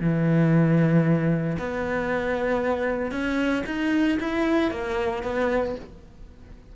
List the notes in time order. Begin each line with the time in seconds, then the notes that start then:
0.00 E3
1.58 B3
3.11 C#4
3.66 D#4
4.20 E4
4.71 A#3
5.23 B3